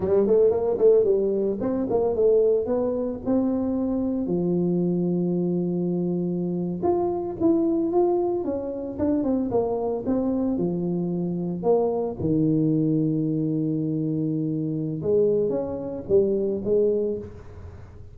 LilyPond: \new Staff \with { instrumentName = "tuba" } { \time 4/4 \tempo 4 = 112 g8 a8 ais8 a8 g4 c'8 ais8 | a4 b4 c'2 | f1~ | f8. f'4 e'4 f'4 cis'16~ |
cis'8. d'8 c'8 ais4 c'4 f16~ | f4.~ f16 ais4 dis4~ dis16~ | dis1 | gis4 cis'4 g4 gis4 | }